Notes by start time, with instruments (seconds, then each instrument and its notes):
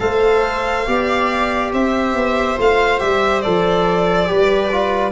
0.00 tuba A3, trombone A4, viola C5, violin F5
0.87 tuba B3, trombone G4, viola D5
1.73 tuba C4, viola C5, violin E5
2.15 tuba B3
2.58 tuba A3, trombone F4, violin F5
3.00 tuba G3, trombone G4, violin E5
3.42 tuba F3, trombone A4, violin D5
4.27 tuba G3, trombone G4, viola B4
4.72 trombone F4